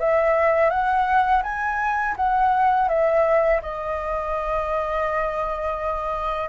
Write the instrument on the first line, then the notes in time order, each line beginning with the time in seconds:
flute
0.00 E5
0.70 F#5
1.43 G#5
2.17 F#5
2.89 E5
3.62 D#5